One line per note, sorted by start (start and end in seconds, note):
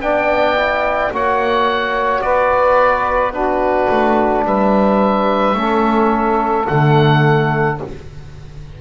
0.00 1.11 B3
0.00 0.57 D4
0.00 1.13 D5
0.00 1.13 G5
0.57 1.12 E4
1.11 2.22 A#3
1.11 3.33 F#4
1.11 2.23 C#5
1.11 2.22 F#5
2.22 3.88 B3
2.22 3.33 B4
2.22 3.33 D5
3.33 5.56 D4
3.33 4.44 F#4
3.33 4.45 B4
3.90 4.45 A3
4.45 5.55 G3
4.45 5.57 B4
4.45 6.68 E5
5.55 6.66 A3
5.55 6.66 C#4
5.55 7.80 A4
6.66 7.81 D3
6.66 7.77 A3
6.66 7.79 F#5